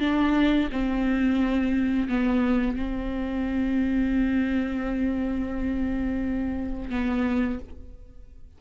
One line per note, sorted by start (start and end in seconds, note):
0.00 0.69 D4
0.72 2.08 C4
2.08 2.76 B3
2.76 6.90 C4
6.90 7.59 B3